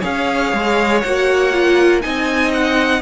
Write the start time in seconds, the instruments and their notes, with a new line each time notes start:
0.00 cello C#4, viola G#4, violin C#5 F5
0.53 cello G#3
1.01 cello A#3, viola F#4, violin F#5
1.52 viola F4
2.01 cello C4, viola D#4, violin D#5 G#5
2.53 violin F#5